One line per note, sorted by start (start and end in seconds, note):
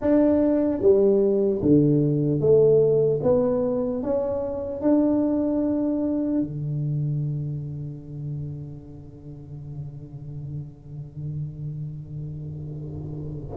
0.01 0.81 D4
0.81 1.61 G3
1.62 2.40 D3
2.40 3.20 A3
3.22 4.02 B3
4.03 4.81 C#4
4.81 6.41 D4
6.41 13.56 D3